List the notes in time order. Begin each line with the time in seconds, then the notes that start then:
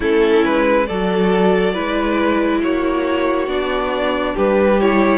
0.00 A3 C#4 E4 A4
0.45 G#3 B4
0.86 F#3 F#4 A4 D5
1.73 G#3 E4 B4
2.62 A#3 F#4 C#5
3.47 B3 D4 D5
4.34 G3 G4 B4
4.80 E4 C#5